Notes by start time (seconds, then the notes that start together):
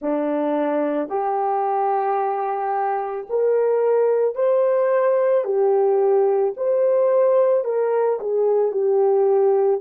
0.01 D4
1.09 G4
3.29 A#4
4.35 C5
5.44 G4
6.57 C5
7.64 A#4
8.20 G#4
8.71 G4